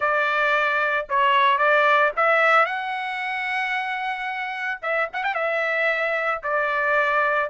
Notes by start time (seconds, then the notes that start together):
0.00 D5
1.09 C#5
1.58 D5
2.16 E5
2.65 F#5
4.81 E5
5.13 F#5
5.23 G5
5.34 E5
6.43 D5